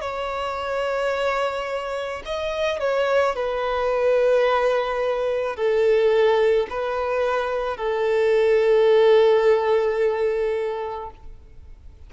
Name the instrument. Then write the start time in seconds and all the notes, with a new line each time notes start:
violin
0.00 C#5
2.25 D#5
2.79 C#5
3.35 B4
5.56 A4
6.69 B4
7.76 A4